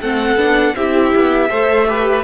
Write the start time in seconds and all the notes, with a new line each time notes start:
0.00 A3 C4 A4 F#5
0.36 B3 D4
0.75 C4 E4 G4 E5
1.15 B3
1.49 A3 A4 C5
1.87 G4 B4